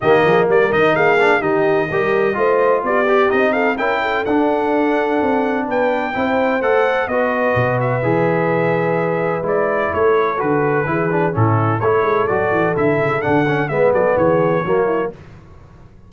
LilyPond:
<<
  \new Staff \with { instrumentName = "trumpet" } { \time 4/4 \tempo 4 = 127 dis''4 d''8 dis''8 f''4 dis''4~ | dis''2 d''4 dis''8 f''8 | g''4 fis''2. | g''2 fis''4 dis''4~ |
dis''8 e''2.~ e''8 | d''4 cis''4 b'2 | a'4 cis''4 d''4 e''4 | fis''4 e''8 d''8 cis''2 | }
  \new Staff \with { instrumentName = "horn" } { \time 4/4 g'8 gis'8 ais'4 gis'4 g'4 | ais'4 c''4 g'4. a'8 | ais'8 a'2.~ a'8 | b'4 c''2 b'4~ |
b'1~ | b'4 a'2 gis'4 | e'4 a'2.~ | a'4 b'8 a'8 gis'4 fis'8 e'8 | }
  \new Staff \with { instrumentName = "trombone" } { \time 4/4 ais4. dis'4 d'8 dis'4 | g'4 f'4. g'8 dis'4 | e'4 d'2.~ | d'4 e'4 a'4 fis'4~ |
fis'4 gis'2. | e'2 fis'4 e'8 d'8 | cis'4 e'4 fis'4 e'4 | d'8 cis'8 b2 ais4 | }
  \new Staff \with { instrumentName = "tuba" } { \time 4/4 dis8 f8 g8 dis8 ais4 dis4 | g4 a4 b4 c'4 | cis'4 d'2 c'4 | b4 c'4 a4 b4 |
b,4 e2. | gis4 a4 d4 e4 | a,4 a8 gis8 fis8 e8 d8 cis8 | d4 gis8 fis8 e4 fis4 | }
>>